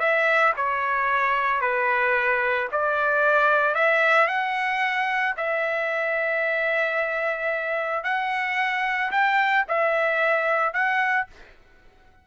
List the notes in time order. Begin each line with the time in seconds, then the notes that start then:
0.00 E5
0.57 C#5
1.61 B4
2.72 D5
3.75 E5
4.28 F#5
5.37 E5
8.04 F#5
9.12 G5
9.69 E5
10.74 F#5